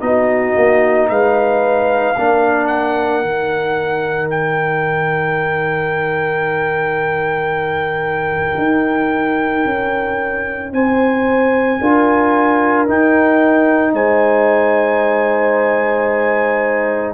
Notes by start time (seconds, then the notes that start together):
0.00 B3 D#4 F#4 D#5
0.56 A#3
1.09 G#3 B4 F5
2.18 A#3 D4 A#4
2.67 F#5
3.22 D#3 D#4
4.30 G5
8.57 D#4
9.65 C#4
10.72 C4 C5 G#5
11.81 D4 F4 A#4
12.87 D#4 G5
13.93 G#3 C5 G#5